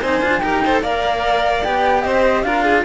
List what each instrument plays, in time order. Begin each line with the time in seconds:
0.00 cello C4 D#4, violin C5, flute G#5
0.21 cello D4 F4
0.39 cello D#4 G4, violin A#4, flute G5
0.64 cello A4, violin C5
0.82 cello A#3 A#4, violin D5, flute F5
1.64 cello B3 G4, flute G5
2.02 cello C4, violin C5, flute D#5
2.42 cello D4 F4, violin A#4, flute F5
2.64 violin G#4